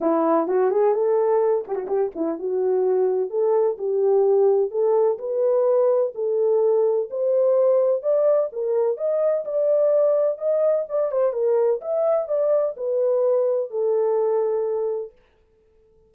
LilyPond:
\new Staff \with { instrumentName = "horn" } { \time 4/4 \tempo 4 = 127 e'4 fis'8 gis'8 a'4. g'16 fis'16 | g'8 e'8 fis'2 a'4 | g'2 a'4 b'4~ | b'4 a'2 c''4~ |
c''4 d''4 ais'4 dis''4 | d''2 dis''4 d''8 c''8 | ais'4 e''4 d''4 b'4~ | b'4 a'2. | }